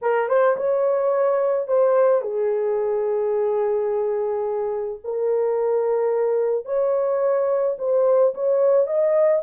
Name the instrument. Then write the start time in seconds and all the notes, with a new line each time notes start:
horn
0.02 A#4
0.28 C5
0.57 C#5
1.67 C5
2.21 G#4
5.04 A#4
6.65 C#5
7.78 C5
8.34 C#5
8.87 D#5